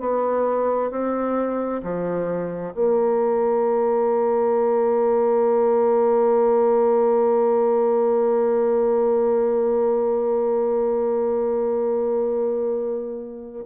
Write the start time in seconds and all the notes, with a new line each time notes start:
0.00 B3
0.90 C4
1.83 F3
2.74 A#3